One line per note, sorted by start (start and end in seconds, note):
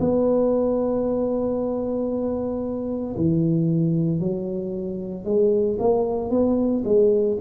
0.00 3.16 B3
3.16 4.20 E3
4.20 5.25 F#3
5.25 5.78 G#3
5.79 6.30 A#3
6.30 6.83 B3
6.85 7.37 G#3